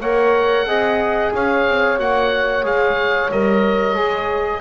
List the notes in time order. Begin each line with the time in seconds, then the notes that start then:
0.00 A#3 A#4 C#5 F#5
0.66 C4 G#4 D#5
1.33 C#4 C#5 F5
1.67 C4
1.99 A#3 F#4 F#5
2.63 G#3 G#4 F5
3.31 G3 A#4 D#5
3.95 G#3 G#4